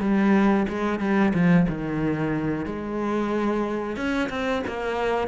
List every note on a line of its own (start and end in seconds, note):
0.00 0.66 G3
0.68 0.99 G#3
0.99 1.32 G3
1.33 1.66 F3
1.68 2.65 D#3
2.65 3.96 G#3
3.96 4.29 C#4
4.29 4.62 C4
4.67 5.27 A#3